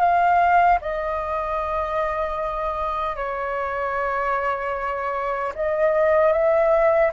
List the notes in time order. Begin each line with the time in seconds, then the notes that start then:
0.00 F5
0.81 D#5
3.16 C#5
5.56 D#5
6.32 E5